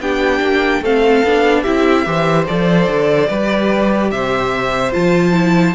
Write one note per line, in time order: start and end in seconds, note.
0.00 0.40 B3
0.00 0.83 D4
0.00 0.82 G4
0.00 0.83 G5
0.40 0.81 A#3
0.82 1.23 A3
0.82 1.24 C4
0.82 1.62 A4
0.82 1.62 F5
1.23 1.65 B3
1.23 1.65 D4
1.62 2.06 C4
1.62 2.05 E4
1.62 2.03 G4
1.62 2.45 E5
2.05 2.47 E3
2.05 2.46 G4
2.05 3.29 C5
2.47 2.87 F3
2.47 3.30 A4
2.47 4.10 D5
2.87 3.29 D3
3.29 4.11 G3
3.29 4.92 G4
3.29 4.11 B4
4.10 4.94 C3
4.10 5.75 C5
4.10 4.93 E5
4.92 5.75 F3
4.92 5.32 F4
4.92 5.75 A5
5.32 5.73 E4